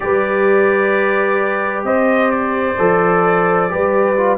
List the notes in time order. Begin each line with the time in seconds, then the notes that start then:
0.00 G3 G4 B4 D5
1.83 C4 C5 D#5
2.31 D5
2.78 F3 A4
3.69 G3 G4 B4
4.16 F4